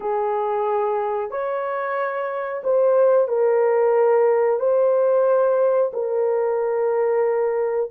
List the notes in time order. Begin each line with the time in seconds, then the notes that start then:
0.00 G#4
1.30 C#5
2.63 C5
3.28 A#4
4.59 C5
5.93 A#4